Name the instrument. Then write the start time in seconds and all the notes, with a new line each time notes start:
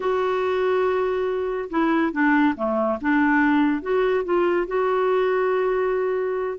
clarinet
0.00 F#4
1.70 E4
2.12 D4
2.56 A3
3.01 D4
3.82 F#4
4.24 F4
4.67 F#4